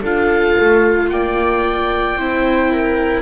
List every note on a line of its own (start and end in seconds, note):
0.00 0.56 D4
0.00 2.18 F4
0.00 1.07 A4
0.00 1.09 F5
0.60 1.10 A3
1.09 2.15 A#3
1.09 2.18 D5
1.09 3.21 G5
2.15 3.21 C4
2.15 3.21 E4
2.15 2.71 C5
2.71 3.21 A#4